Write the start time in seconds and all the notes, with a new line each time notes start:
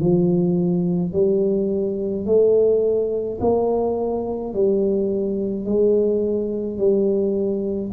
0.00 F3
1.13 G3
2.26 A3
3.41 A#3
4.54 G3
5.66 G#3
6.78 G3